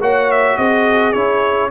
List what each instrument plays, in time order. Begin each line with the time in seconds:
0.00 tuba A#3, trombone F#4, horn C#5, trumpet F#5
0.31 trumpet E5
0.57 tuba C4, horn G#4, trumpet D#5
1.13 tuba C#4, trombone E4, trumpet C#5